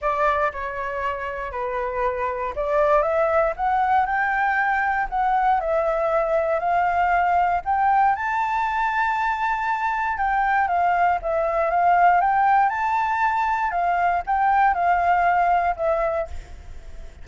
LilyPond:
\new Staff \with { instrumentName = "flute" } { \time 4/4 \tempo 4 = 118 d''4 cis''2 b'4~ | b'4 d''4 e''4 fis''4 | g''2 fis''4 e''4~ | e''4 f''2 g''4 |
a''1 | g''4 f''4 e''4 f''4 | g''4 a''2 f''4 | g''4 f''2 e''4 | }